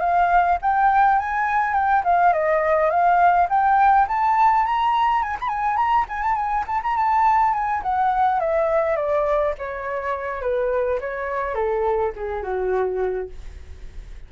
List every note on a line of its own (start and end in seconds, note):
0.00 0.58 F5
0.61 1.19 G5
1.19 1.73 G#5
1.73 2.02 G5
2.04 2.33 F5
2.33 2.90 D#5
2.90 3.48 F5
3.49 4.07 G5
4.08 4.65 A5
4.65 5.22 A#5
5.22 5.37 G#5
5.40 5.48 B5
5.48 5.76 G#5
5.76 6.05 A#5
6.08 6.22 G#5
6.22 6.35 A5
6.35 6.64 G#5
6.67 6.81 A5
6.83 6.97 A#5
6.97 7.53 A5
7.53 7.82 G#5
7.82 8.39 F#5
8.39 8.96 E5
8.96 9.54 D5
9.58 10.41 C#5
10.41 10.99 B4
11.00 11.54 C#5
11.54 12.12 A4
12.16 12.42 G#4
12.42 13.29 F#4